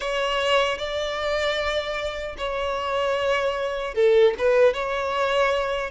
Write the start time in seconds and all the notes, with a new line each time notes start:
0.00 C#5
0.78 D5
2.37 C#5
3.94 A4
4.38 B4
4.73 C#5